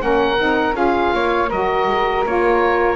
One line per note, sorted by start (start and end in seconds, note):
0.00 0.38 A#3
0.00 0.37 C#4
0.00 0.76 A#4
0.00 0.75 F#5
0.38 0.73 C4
0.38 0.73 D#4
0.73 1.10 C#4
0.73 1.47 F4
0.73 1.13 G#4
0.73 1.50 F5
1.13 1.50 A#3
1.13 1.49 C#5
1.49 1.87 F#3
1.49 2.25 F#4
1.49 2.95 A#4
1.49 2.25 D#5
1.87 2.24 G#3
2.25 2.95 A#3
2.25 2.95 F4
2.25 2.95 C#5